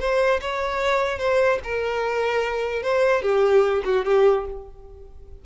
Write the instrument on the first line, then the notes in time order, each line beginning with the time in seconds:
violin
0.00 C5
0.41 C#5
1.19 C5
1.64 A#4
2.83 C5
3.22 G4
3.85 F#4
4.05 G4